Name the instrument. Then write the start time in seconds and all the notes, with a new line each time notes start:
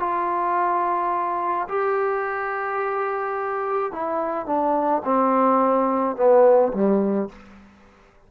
trombone
0.00 F4
1.69 G4
3.93 E4
4.47 D4
5.05 C4
6.17 B3
6.73 G3